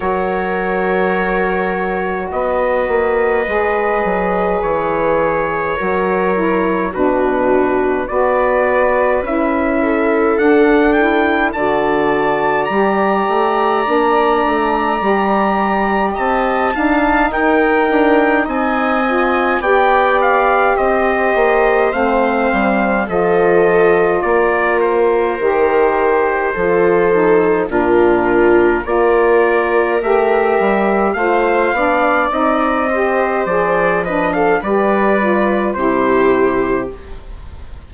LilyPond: <<
  \new Staff \with { instrumentName = "trumpet" } { \time 4/4 \tempo 4 = 52 cis''2 dis''2 | cis''2 b'4 d''4 | e''4 fis''8 g''8 a''4 ais''4~ | ais''2 a''4 g''4 |
gis''4 g''8 f''8 dis''4 f''4 | dis''4 d''8 c''2~ c''8 | ais'4 d''4 e''4 f''4 | dis''4 d''8 dis''16 f''16 d''4 c''4 | }
  \new Staff \with { instrumentName = "viola" } { \time 4/4 ais'2 b'2~ | b'4 ais'4 fis'4 b'4~ | b'8 a'4. d''2~ | d''2 dis''8 f''8 ais'4 |
dis''4 d''4 c''2 | a'4 ais'2 a'4 | f'4 ais'2 c''8 d''8~ | d''8 c''4 b'16 a'16 b'4 g'4 | }
  \new Staff \with { instrumentName = "saxophone" } { \time 4/4 fis'2. gis'4~ | gis'4 fis'8 e'8 d'4 fis'4 | e'4 d'8 e'8 fis'4 g'4 | d'4 g'4. dis'4.~ |
dis'8 f'8 g'2 c'4 | f'2 g'4 f'8 dis'8 | d'4 f'4 g'4 f'8 d'8 | dis'8 g'8 gis'8 d'8 g'8 f'8 e'4 | }
  \new Staff \with { instrumentName = "bassoon" } { \time 4/4 fis2 b8 ais8 gis8 fis8 | e4 fis4 b,4 b4 | cis'4 d'4 d4 g8 a8 | ais8 a8 g4 c'8 d'8 dis'8 d'8 |
c'4 b4 c'8 ais8 a8 g8 | f4 ais4 dis4 f4 | ais,4 ais4 a8 g8 a8 b8 | c'4 f4 g4 c4 | }
>>